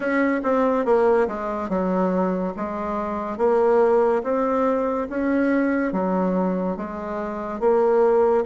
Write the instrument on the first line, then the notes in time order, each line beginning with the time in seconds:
bassoon
0.00 C#4
0.43 C4
0.85 A#3
1.27 G#3
1.69 F#3
2.56 G#3
3.37 A#3
4.23 C4
5.09 C#4
5.92 F#3
6.76 G#3
7.60 A#3